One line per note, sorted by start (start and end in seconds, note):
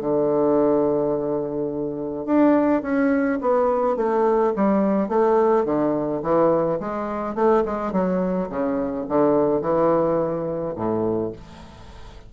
0.00 2.26 D3
2.26 2.82 D4
2.82 3.39 C#4
3.41 3.97 B3
3.97 4.53 A3
4.56 5.08 G3
5.08 5.65 A3
5.65 6.22 D3
6.23 6.79 E3
6.80 7.35 G#3
7.35 7.63 A3
7.65 7.92 G#3
7.92 8.49 F#3
8.49 9.06 C#3
9.09 9.61 D3
9.61 10.74 E3
10.76 11.32 A2